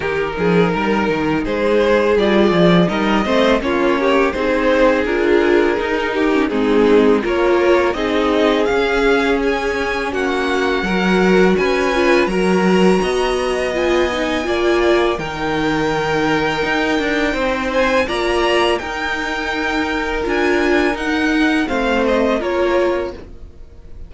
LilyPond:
<<
  \new Staff \with { instrumentName = "violin" } { \time 4/4 \tempo 4 = 83 ais'2 c''4 d''4 | dis''4 cis''4 c''4 ais'4~ | ais'4 gis'4 cis''4 dis''4 | f''4 gis''4 fis''2 |
gis''4 ais''2 gis''4~ | gis''4 g''2.~ | g''8 gis''8 ais''4 g''2 | gis''4 fis''4 f''8 dis''8 cis''4 | }
  \new Staff \with { instrumentName = "violin" } { \time 4/4 g'8 gis'8 ais'4 gis'2 | ais'8 c''8 f'8 g'8 gis'2~ | gis'8 g'8 dis'4 ais'4 gis'4~ | gis'2 fis'4 ais'4 |
b'4 ais'4 dis''2 | d''4 ais'2. | c''4 d''4 ais'2~ | ais'2 c''4 ais'4 | }
  \new Staff \with { instrumentName = "viola" } { \time 4/4 dis'2. f'4 | dis'8 c'8 cis'4 dis'4 f'4 | dis'8. cis'16 c'4 f'4 dis'4 | cis'2. fis'4~ |
fis'8 f'8 fis'2 f'8 dis'8 | f'4 dis'2.~ | dis'4 f'4 dis'2 | f'4 dis'4 c'4 f'4 | }
  \new Staff \with { instrumentName = "cello" } { \time 4/4 dis8 f8 g8 dis8 gis4 g8 f8 | g8 a8 ais4 c'4 d'4 | dis'4 gis4 ais4 c'4 | cis'2 ais4 fis4 |
cis'4 fis4 b2 | ais4 dis2 dis'8 d'8 | c'4 ais4 dis'2 | d'4 dis'4 a4 ais4 | }
>>